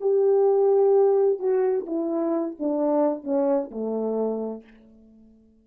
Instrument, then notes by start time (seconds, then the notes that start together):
horn
0.00 G4
1.39 F#4
1.86 E4
2.59 D4
3.23 C#4
3.70 A3